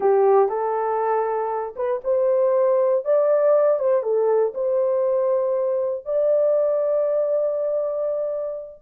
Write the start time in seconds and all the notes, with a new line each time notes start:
0.00 G4
0.49 A4
1.76 B4
2.04 C5
3.04 D5
3.79 C5
4.02 A4
4.54 C5
6.05 D5